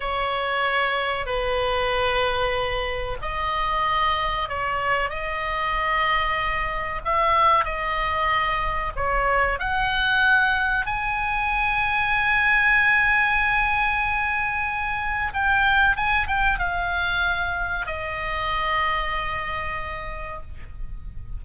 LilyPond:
\new Staff \with { instrumentName = "oboe" } { \time 4/4 \tempo 4 = 94 cis''2 b'2~ | b'4 dis''2 cis''4 | dis''2. e''4 | dis''2 cis''4 fis''4~ |
fis''4 gis''2.~ | gis''1 | g''4 gis''8 g''8 f''2 | dis''1 | }